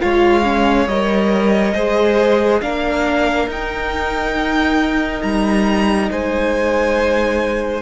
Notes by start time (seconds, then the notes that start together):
0.00 G#3 F4 C#5 F5
0.43 C#4
0.86 G3 A#4 D#5
1.74 G#3 G#4 C5
2.61 A#3 D4 A#4 F5
3.47 D#4 G5
5.22 G3 A#5
6.10 G#3 C5 G#5